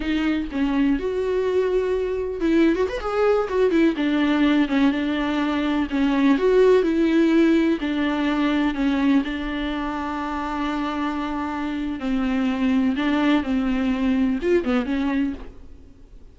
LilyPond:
\new Staff \with { instrumentName = "viola" } { \time 4/4 \tempo 4 = 125 dis'4 cis'4 fis'2~ | fis'4 e'8. fis'16 b'16 gis'4 fis'8 e'16~ | e'16 d'4. cis'8 d'4.~ d'16~ | d'16 cis'4 fis'4 e'4.~ e'16~ |
e'16 d'2 cis'4 d'8.~ | d'1~ | d'4 c'2 d'4 | c'2 f'8 b8 cis'4 | }